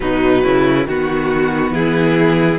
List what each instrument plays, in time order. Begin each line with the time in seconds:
0.00 cello B2, viola F#3, violin D#4 B4
0.43 cello C#3, violin E4
0.86 cello D#3, viola B3, violin F#4
1.71 cello E3, violin E4 G#4